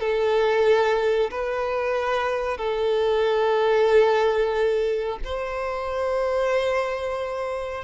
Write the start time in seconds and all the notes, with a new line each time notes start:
0.00 A4
1.31 B4
2.58 A4
5.24 C5